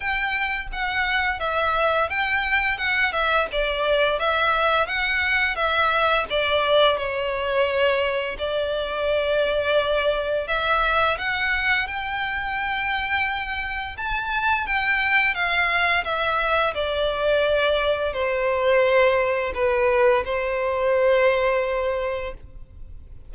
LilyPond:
\new Staff \with { instrumentName = "violin" } { \time 4/4 \tempo 4 = 86 g''4 fis''4 e''4 g''4 | fis''8 e''8 d''4 e''4 fis''4 | e''4 d''4 cis''2 | d''2. e''4 |
fis''4 g''2. | a''4 g''4 f''4 e''4 | d''2 c''2 | b'4 c''2. | }